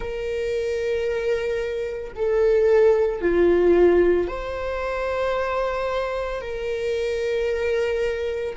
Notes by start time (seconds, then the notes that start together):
0.00 A#4
2.15 A4
3.21 F4
4.27 C5
6.41 A#4